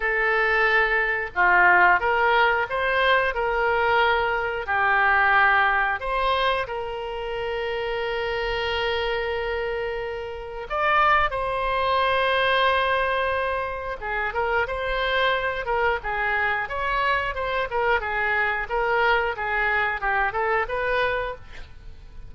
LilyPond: \new Staff \with { instrumentName = "oboe" } { \time 4/4 \tempo 4 = 90 a'2 f'4 ais'4 | c''4 ais'2 g'4~ | g'4 c''4 ais'2~ | ais'1 |
d''4 c''2.~ | c''4 gis'8 ais'8 c''4. ais'8 | gis'4 cis''4 c''8 ais'8 gis'4 | ais'4 gis'4 g'8 a'8 b'4 | }